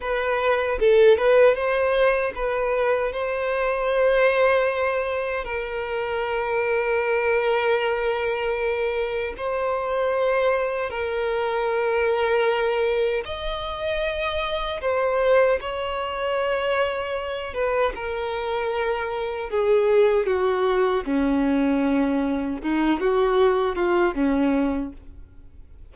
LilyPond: \new Staff \with { instrumentName = "violin" } { \time 4/4 \tempo 4 = 77 b'4 a'8 b'8 c''4 b'4 | c''2. ais'4~ | ais'1 | c''2 ais'2~ |
ais'4 dis''2 c''4 | cis''2~ cis''8 b'8 ais'4~ | ais'4 gis'4 fis'4 cis'4~ | cis'4 dis'8 fis'4 f'8 cis'4 | }